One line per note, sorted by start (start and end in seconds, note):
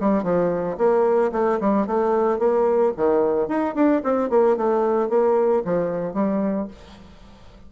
0.00 0.23 G3
0.23 0.77 F3
0.77 1.31 A#3
1.32 1.59 A3
1.60 1.86 G3
1.86 2.38 A3
2.38 2.92 A#3
2.96 3.48 D#3
3.48 3.74 D#4
3.74 4.01 D4
4.03 4.29 C4
4.29 4.56 A#3
4.57 5.09 A3
5.09 5.63 A#3
5.64 6.13 F3
6.13 6.67 G3